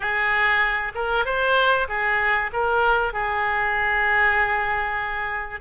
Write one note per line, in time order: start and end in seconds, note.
0.00 0.92 G#4
0.94 1.25 A#4
1.25 1.87 C5
1.88 2.50 G#4
2.53 3.12 A#4
3.12 5.60 G#4